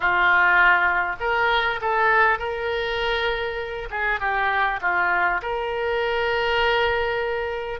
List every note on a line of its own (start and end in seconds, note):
0.00 1.16 F4
1.20 1.80 A#4
1.81 2.38 A4
2.38 3.88 A#4
3.90 4.19 G#4
4.19 4.79 G4
4.81 5.41 F4
5.41 7.79 A#4